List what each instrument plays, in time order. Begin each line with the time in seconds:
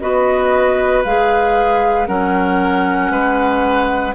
0.00 bassoon B3, clarinet F#4, oboe B4, flute D#5
1.04 bassoon G#3, clarinet G#4, flute F5
2.07 bassoon F#3, clarinet C#4, oboe A#4, flute F#5
3.10 bassoon G#3, oboe B4